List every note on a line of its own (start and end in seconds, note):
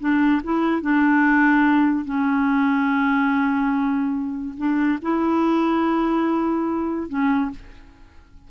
0.00 0.42 D4
0.44 0.81 E4
0.81 2.05 D4
2.05 4.55 C#4
4.57 4.99 D4
5.02 7.09 E4
7.09 7.51 C#4